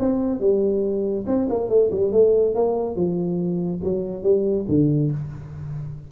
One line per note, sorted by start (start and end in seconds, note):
0.00 0.40 C4
0.40 1.25 G3
1.27 1.48 C4
1.50 1.69 A#3
1.69 1.91 A3
1.92 2.13 G3
2.13 2.55 A3
2.55 2.96 A#3
2.96 3.81 F3
3.84 4.23 F#3
4.23 4.66 G3
4.69 5.11 D3